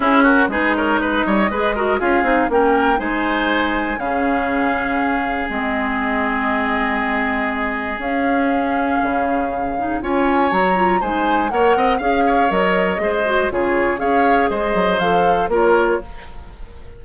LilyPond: <<
  \new Staff \with { instrumentName = "flute" } { \time 4/4 \tempo 4 = 120 gis'8 ais'8 b'8 cis''8 dis''2 | f''4 g''4 gis''2 | f''2. dis''4~ | dis''1 |
f''1 | gis''4 ais''4 gis''4 fis''4 | f''4 dis''2 cis''4 | f''4 dis''4 f''4 cis''4 | }
  \new Staff \with { instrumentName = "oboe" } { \time 4/4 e'8 fis'8 gis'8 ais'8 b'8 cis''8 b'8 ais'8 | gis'4 ais'4 c''2 | gis'1~ | gis'1~ |
gis'1 | cis''2 c''4 cis''8 dis''8 | f''8 cis''4. c''4 gis'4 | cis''4 c''2 ais'4 | }
  \new Staff \with { instrumentName = "clarinet" } { \time 4/4 cis'4 dis'2 gis'8 fis'8 | f'8 dis'8 cis'4 dis'2 | cis'2. c'4~ | c'1 |
cis'2.~ cis'8 dis'8 | f'4 fis'8 f'8 dis'4 ais'4 | gis'4 ais'4 gis'8 fis'8 f'4 | gis'2 a'4 f'4 | }
  \new Staff \with { instrumentName = "bassoon" } { \time 4/4 cis'4 gis4. g8 gis4 | cis'8 c'8 ais4 gis2 | cis2. gis4~ | gis1 |
cis'2 cis2 | cis'4 fis4 gis4 ais8 c'8 | cis'4 fis4 gis4 cis4 | cis'4 gis8 fis8 f4 ais4 | }
>>